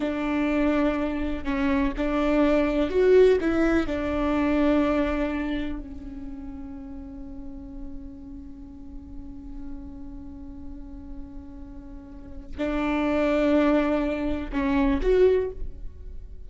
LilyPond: \new Staff \with { instrumentName = "viola" } { \time 4/4 \tempo 4 = 124 d'2. cis'4 | d'2 fis'4 e'4 | d'1 | cis'1~ |
cis'1~ | cis'1~ | cis'2 d'2~ | d'2 cis'4 fis'4 | }